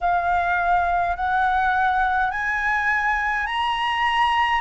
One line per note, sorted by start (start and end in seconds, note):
0.01 1.16 F5
1.16 2.31 F#5
2.31 3.46 G#5
3.46 4.60 A#5